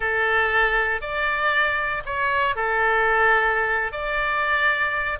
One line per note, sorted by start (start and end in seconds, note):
0.00 1.01 A4
1.01 2.02 D5
2.05 2.55 C#5
2.55 3.92 A4
3.92 5.19 D5